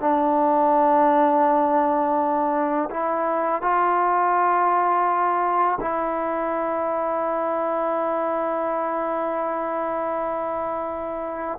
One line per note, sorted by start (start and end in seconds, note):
0.00 2.89 D4
2.90 3.61 E4
3.61 5.78 F4
5.80 11.58 E4